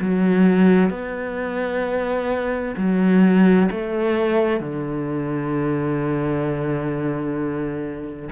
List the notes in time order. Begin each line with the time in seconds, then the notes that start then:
0.00 F#3
0.90 B3
2.77 F#3
3.70 A3
4.60 D3